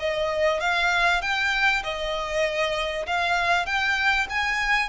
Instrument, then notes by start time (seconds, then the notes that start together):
violin
0.00 D#5
0.61 F5
1.22 G5
1.84 D#5
3.07 F5
3.67 G5
4.30 G#5